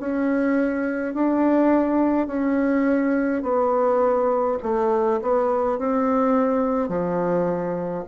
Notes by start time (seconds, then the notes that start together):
0.00 C#4
1.14 D4
2.27 C#4
3.42 B3
4.63 A3
5.22 B3
5.78 C4
6.89 F3